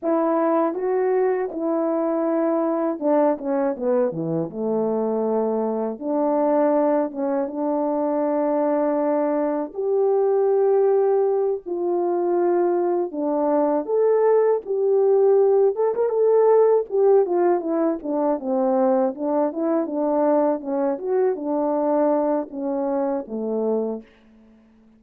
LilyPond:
\new Staff \with { instrumentName = "horn" } { \time 4/4 \tempo 4 = 80 e'4 fis'4 e'2 | d'8 cis'8 b8 e8 a2 | d'4. cis'8 d'2~ | d'4 g'2~ g'8 f'8~ |
f'4. d'4 a'4 g'8~ | g'4 a'16 ais'16 a'4 g'8 f'8 e'8 | d'8 c'4 d'8 e'8 d'4 cis'8 | fis'8 d'4. cis'4 a4 | }